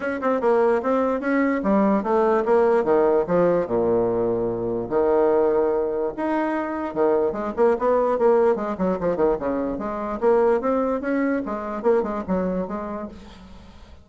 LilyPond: \new Staff \with { instrumentName = "bassoon" } { \time 4/4 \tempo 4 = 147 cis'8 c'8 ais4 c'4 cis'4 | g4 a4 ais4 dis4 | f4 ais,2. | dis2. dis'4~ |
dis'4 dis4 gis8 ais8 b4 | ais4 gis8 fis8 f8 dis8 cis4 | gis4 ais4 c'4 cis'4 | gis4 ais8 gis8 fis4 gis4 | }